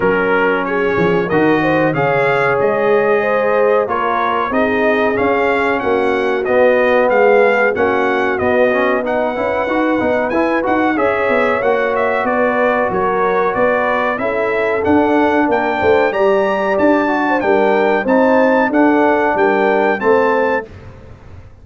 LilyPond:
<<
  \new Staff \with { instrumentName = "trumpet" } { \time 4/4 \tempo 4 = 93 ais'4 cis''4 dis''4 f''4 | dis''2 cis''4 dis''4 | f''4 fis''4 dis''4 f''4 | fis''4 dis''4 fis''2 |
gis''8 fis''8 e''4 fis''8 e''8 d''4 | cis''4 d''4 e''4 fis''4 | g''4 ais''4 a''4 g''4 | a''4 fis''4 g''4 a''4 | }
  \new Staff \with { instrumentName = "horn" } { \time 4/4 ais'4 gis'4 ais'8 c''8 cis''4~ | cis''4 c''4 ais'4 gis'4~ | gis'4 fis'2 gis'4 | fis'2 b'2~ |
b'4 cis''2 b'4 | ais'4 b'4 a'2 | ais'8 c''8 d''4.~ d''16 c''16 ais'4 | c''4 a'4 ais'4 c''4 | }
  \new Staff \with { instrumentName = "trombone" } { \time 4/4 cis'2 fis'4 gis'4~ | gis'2 f'4 dis'4 | cis'2 b2 | cis'4 b8 cis'8 dis'8 e'8 fis'8 dis'8 |
e'8 fis'8 gis'4 fis'2~ | fis'2 e'4 d'4~ | d'4 g'4. fis'8 d'4 | dis'4 d'2 c'4 | }
  \new Staff \with { instrumentName = "tuba" } { \time 4/4 fis4. f8 dis4 cis4 | gis2 ais4 c'4 | cis'4 ais4 b4 gis4 | ais4 b4. cis'8 dis'8 b8 |
e'8 dis'8 cis'8 b8 ais4 b4 | fis4 b4 cis'4 d'4 | ais8 a8 g4 d'4 g4 | c'4 d'4 g4 a4 | }
>>